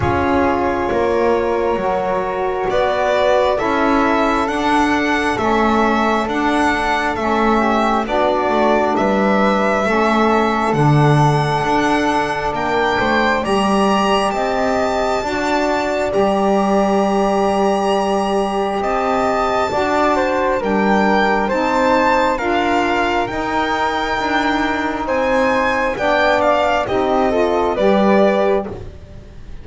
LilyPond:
<<
  \new Staff \with { instrumentName = "violin" } { \time 4/4 \tempo 4 = 67 cis''2. d''4 | e''4 fis''4 e''4 fis''4 | e''4 d''4 e''2 | fis''2 g''4 ais''4 |
a''2 ais''2~ | ais''4 a''2 g''4 | a''4 f''4 g''2 | gis''4 g''8 f''8 dis''4 d''4 | }
  \new Staff \with { instrumentName = "flute" } { \time 4/4 gis'4 ais'2 b'4 | a'1~ | a'8 g'8 fis'4 b'4 a'4~ | a'2 ais'8 c''8 d''4 |
dis''4 d''2.~ | d''4 dis''4 d''8 c''8 ais'4 | c''4 ais'2. | c''4 d''4 g'8 a'8 b'4 | }
  \new Staff \with { instrumentName = "saxophone" } { \time 4/4 f'2 fis'2 | e'4 d'4 cis'4 d'4 | cis'4 d'2 cis'4 | d'2. g'4~ |
g'4 fis'4 g'2~ | g'2 fis'4 d'4 | dis'4 f'4 dis'2~ | dis'4 d'4 dis'8 f'8 g'4 | }
  \new Staff \with { instrumentName = "double bass" } { \time 4/4 cis'4 ais4 fis4 b4 | cis'4 d'4 a4 d'4 | a4 b8 a8 g4 a4 | d4 d'4 ais8 a8 g4 |
c'4 d'4 g2~ | g4 c'4 d'4 g4 | c'4 d'4 dis'4 d'4 | c'4 b4 c'4 g4 | }
>>